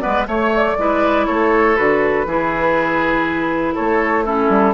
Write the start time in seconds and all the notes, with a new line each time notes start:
0.00 B3 B4 D5
0.06 G#3
0.27 A3 C#5
0.56 D5
0.78 G#3 E4 B4
1.27 A3 A4 C#5
1.76 D3 F#4 B4
2.26 E3 E4 G#4
3.75 A3 A4 C#5
4.25 C#4 E4 A4
4.49 G3